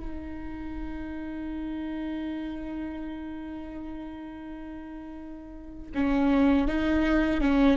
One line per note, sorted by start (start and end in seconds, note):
0.00 5.93 D#4
5.95 6.68 C#4
6.68 7.41 D#4
7.41 7.78 C#4